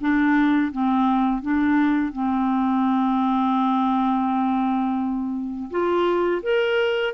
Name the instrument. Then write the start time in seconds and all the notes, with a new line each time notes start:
clarinet
0.00 D4
0.71 C4
1.42 D4
2.12 C4
5.70 F4
6.42 A#4